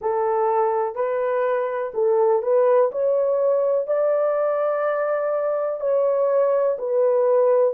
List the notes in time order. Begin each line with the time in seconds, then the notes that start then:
0.01 A4
0.95 B4
1.94 A4
2.42 B4
2.91 C#5
3.87 D5
5.80 C#5
6.78 B4